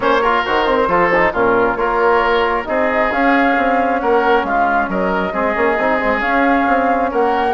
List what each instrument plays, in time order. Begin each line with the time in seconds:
0.00 bassoon A#3, trombone C#4, oboe C5, flute C#5
0.22 trombone F4, oboe A#4
0.44 bassoon D#3, trombone F#4, flute C5
0.66 trombone C4
0.87 bassoon F3, trombone F4, oboe A4
1.14 trombone D#4
1.32 bassoon A#2, trombone C#4, oboe F4, flute A#4
1.76 bassoon A#3, trombone F4, oboe A#4, flute C#5
2.65 bassoon C4, trombone D#4, oboe G#4, flute D#5
3.11 bassoon C#4, trombone C#4, flute F5
3.57 bassoon C4
3.99 bassoon A#3, oboe A#4, flute F#5
4.43 bassoon G#3, oboe F4, flute F5
4.88 bassoon F#3, oboe A#4, flute D#5
5.32 bassoon G#3, trombone C4, oboe G#4
5.54 bassoon A#3, trombone C#4
5.78 bassoon C4, trombone D#4
5.99 bassoon G#3, trombone C4
6.19 trombone C#4, bassoon C#4, flute F5
6.67 bassoon C4
7.11 bassoon A#3, oboe A#4, flute F#5